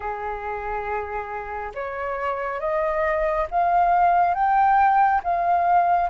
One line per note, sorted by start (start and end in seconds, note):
0.00 1.72 G#4
1.74 2.60 C#5
2.60 3.47 D#5
3.50 4.34 F5
4.34 5.21 G5
5.23 6.09 F5